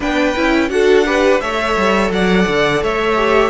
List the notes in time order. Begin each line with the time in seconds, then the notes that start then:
0.00 B3 D4 B4 G5
0.36 C#4 E4
0.69 D4 F#4 A4 F#5
1.05 G4 B4
1.40 A3 A4 C#5 E5
1.77 G3
2.10 F#3 D5 F#5
2.47 D3
2.82 A3 C#5 E5
3.16 G4